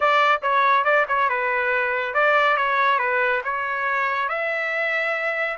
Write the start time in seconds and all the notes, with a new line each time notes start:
0.00 D5
0.42 C#5
0.84 D5
1.08 C#5
1.29 B4
2.14 D5
2.57 C#5
2.98 B4
3.43 C#5
4.28 E5